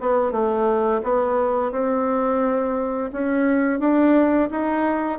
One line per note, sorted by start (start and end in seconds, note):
0.00 0.31 B3
0.31 1.01 A3
1.03 1.71 B3
1.71 3.10 C4
3.12 3.79 C#4
3.79 4.49 D4
4.51 5.18 D#4